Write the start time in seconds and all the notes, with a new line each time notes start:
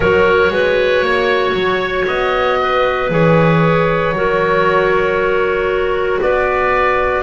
0.00 F#3 F#4 A#4 C#5
0.50 G#3 B4
1.01 A#3 C#5
1.54 F#3
2.07 B3 D#5
2.61 B4
3.09 E3 G#4 C#5
4.12 F#3 F#4 A#4
6.20 B3 B4 D5